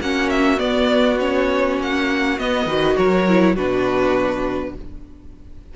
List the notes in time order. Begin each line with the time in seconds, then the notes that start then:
0.00 A#3 C#4 F#4 F#5
0.29 E5
0.57 B3 D5
1.20 C#4 C#5
1.78 A#3 F#5
2.38 B3 D#5
2.65 D#3 F#4 B4
2.96 F#3 A#4 C#5
3.28 E4
3.54 B2 D4 F#4 B4